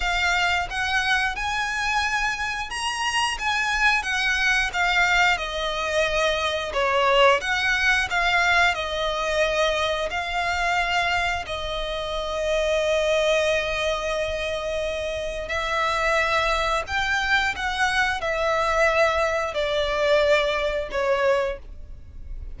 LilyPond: \new Staff \with { instrumentName = "violin" } { \time 4/4 \tempo 4 = 89 f''4 fis''4 gis''2 | ais''4 gis''4 fis''4 f''4 | dis''2 cis''4 fis''4 | f''4 dis''2 f''4~ |
f''4 dis''2.~ | dis''2. e''4~ | e''4 g''4 fis''4 e''4~ | e''4 d''2 cis''4 | }